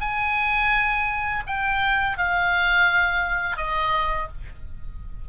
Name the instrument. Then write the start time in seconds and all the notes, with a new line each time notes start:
oboe
0.00 G#5
1.46 G5
2.17 F5
3.56 D#5